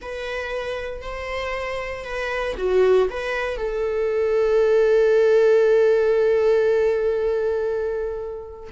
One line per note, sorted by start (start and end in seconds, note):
0.01 1.01 B4
1.01 2.04 C5
2.04 2.55 B4
2.57 3.08 F#4
3.10 3.57 B4
3.57 8.70 A4